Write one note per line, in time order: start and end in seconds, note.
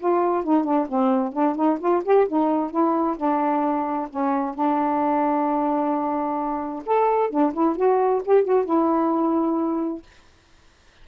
0.00 0.44 F4
0.44 0.65 D#4
0.65 0.88 D4
0.89 1.33 C4
1.33 1.56 D4
1.56 1.79 D#4
1.80 2.03 F4
2.05 2.28 G4
2.28 2.71 D#4
2.71 3.17 E4
3.17 4.09 D4
4.10 4.55 C#4
4.55 6.84 D4
6.86 7.30 A4
7.30 7.53 D4
7.54 7.77 E4
7.77 8.22 F#4
8.25 8.44 G4
8.44 8.65 F#4
8.65 10.03 E4